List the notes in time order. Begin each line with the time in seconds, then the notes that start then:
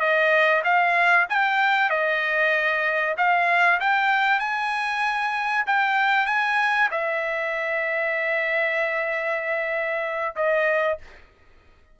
0.00 D#5
0.64 F5
1.30 G5
1.90 D#5
3.17 F5
3.80 G5
4.39 G#5
5.66 G5
6.26 G#5
6.91 E5
10.36 D#5